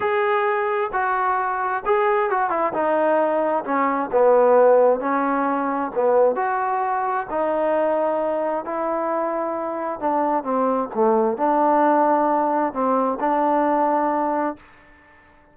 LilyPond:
\new Staff \with { instrumentName = "trombone" } { \time 4/4 \tempo 4 = 132 gis'2 fis'2 | gis'4 fis'8 e'8 dis'2 | cis'4 b2 cis'4~ | cis'4 b4 fis'2 |
dis'2. e'4~ | e'2 d'4 c'4 | a4 d'2. | c'4 d'2. | }